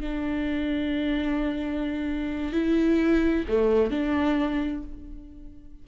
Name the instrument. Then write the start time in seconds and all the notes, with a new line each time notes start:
viola
0.00 D4
2.52 E4
3.48 A3
3.90 D4